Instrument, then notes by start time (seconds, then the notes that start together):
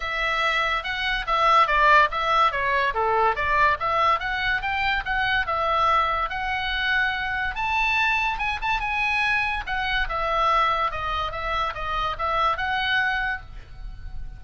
oboe
0.00 E5
0.83 F#5
1.26 E5
1.67 D5
2.11 E5
2.51 C#5
2.94 A4
3.35 D5
3.79 E5
4.19 F#5
4.61 G5
5.05 F#5
5.46 E5
6.29 F#5
7.55 A5
8.38 G#5
8.61 A5
8.80 G#5
9.66 F#5
10.08 E5
10.91 D#5
11.31 E5
11.74 D#5
12.18 E5
12.57 F#5